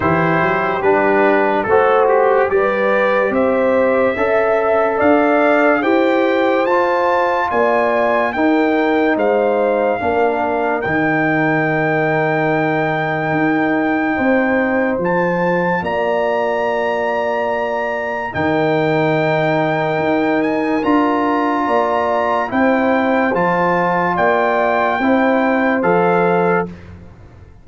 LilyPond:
<<
  \new Staff \with { instrumentName = "trumpet" } { \time 4/4 \tempo 4 = 72 c''4 b'4 a'8 g'8 d''4 | e''2 f''4 g''4 | a''4 gis''4 g''4 f''4~ | f''4 g''2.~ |
g''2 a''4 ais''4~ | ais''2 g''2~ | g''8 gis''8 ais''2 g''4 | a''4 g''2 f''4 | }
  \new Staff \with { instrumentName = "horn" } { \time 4/4 g'2 c''4 b'4 | c''4 e''4 d''4 c''4~ | c''4 d''4 ais'4 c''4 | ais'1~ |
ais'4 c''2 d''4~ | d''2 ais'2~ | ais'2 d''4 c''4~ | c''4 d''4 c''2 | }
  \new Staff \with { instrumentName = "trombone" } { \time 4/4 e'4 d'4 fis'4 g'4~ | g'4 a'2 g'4 | f'2 dis'2 | d'4 dis'2.~ |
dis'2 f'2~ | f'2 dis'2~ | dis'4 f'2 e'4 | f'2 e'4 a'4 | }
  \new Staff \with { instrumentName = "tuba" } { \time 4/4 e8 fis8 g4 a4 g4 | c'4 cis'4 d'4 e'4 | f'4 ais4 dis'4 gis4 | ais4 dis2. |
dis'4 c'4 f4 ais4~ | ais2 dis2 | dis'4 d'4 ais4 c'4 | f4 ais4 c'4 f4 | }
>>